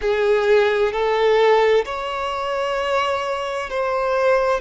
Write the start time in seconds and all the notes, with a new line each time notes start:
0.01 G#4
0.92 A4
1.85 C#5
3.69 C5